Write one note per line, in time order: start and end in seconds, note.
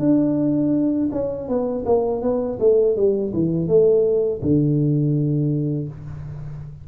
0.00 1.10 D4
1.12 1.49 C#4
1.49 1.85 B3
1.86 2.23 A#3
2.23 2.59 B3
2.60 2.97 A3
2.97 3.33 G3
3.34 3.68 E3
3.68 4.41 A3
4.42 5.89 D3